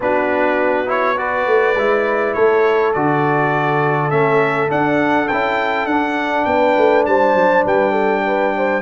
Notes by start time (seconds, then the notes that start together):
0.00 B3 D4 F#4 B4
0.86 E4 C#5
1.16 F#4 B4 D5
1.45 A3
1.75 G#3 E4
2.33 A3 A4 C#5
2.93 D3 F#4 D5
4.10 A3 C#4 E5
4.68 D4 F#5
5.27 C#4 E4 G5
5.85 D4 F#5
6.44 B3 B4 G5
6.77 A3
7.05 G3 C5 A5
7.35 F#3
7.65 G3 B4 G5
7.91 A4
8.26 B4
8.56 C5